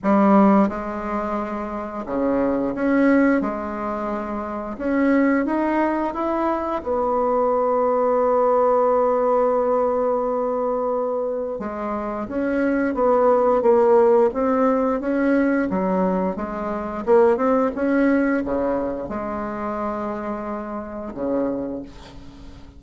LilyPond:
\new Staff \with { instrumentName = "bassoon" } { \time 4/4 \tempo 4 = 88 g4 gis2 cis4 | cis'4 gis2 cis'4 | dis'4 e'4 b2~ | b1~ |
b4 gis4 cis'4 b4 | ais4 c'4 cis'4 fis4 | gis4 ais8 c'8 cis'4 cis4 | gis2. cis4 | }